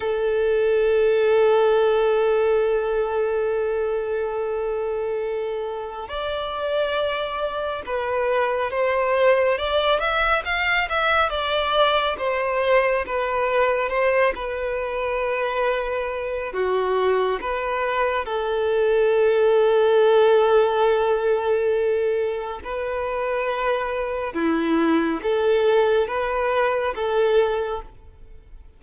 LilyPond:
\new Staff \with { instrumentName = "violin" } { \time 4/4 \tempo 4 = 69 a'1~ | a'2. d''4~ | d''4 b'4 c''4 d''8 e''8 | f''8 e''8 d''4 c''4 b'4 |
c''8 b'2~ b'8 fis'4 | b'4 a'2.~ | a'2 b'2 | e'4 a'4 b'4 a'4 | }